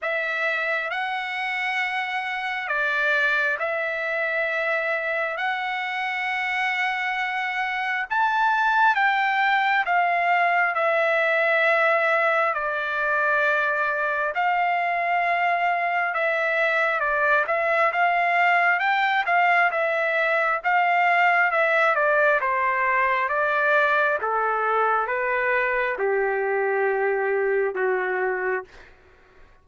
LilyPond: \new Staff \with { instrumentName = "trumpet" } { \time 4/4 \tempo 4 = 67 e''4 fis''2 d''4 | e''2 fis''2~ | fis''4 a''4 g''4 f''4 | e''2 d''2 |
f''2 e''4 d''8 e''8 | f''4 g''8 f''8 e''4 f''4 | e''8 d''8 c''4 d''4 a'4 | b'4 g'2 fis'4 | }